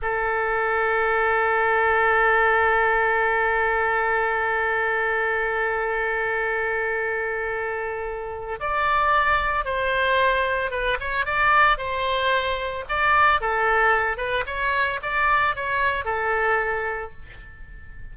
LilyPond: \new Staff \with { instrumentName = "oboe" } { \time 4/4 \tempo 4 = 112 a'1~ | a'1~ | a'1~ | a'1 |
d''2 c''2 | b'8 cis''8 d''4 c''2 | d''4 a'4. b'8 cis''4 | d''4 cis''4 a'2 | }